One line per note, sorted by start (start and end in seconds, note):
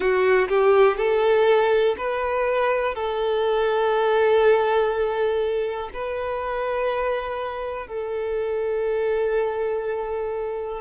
0.00 0.47 F#4
0.48 0.97 G4
0.97 1.95 A4
1.97 2.94 B4
2.94 5.89 A4
5.93 7.87 B4
7.87 10.80 A4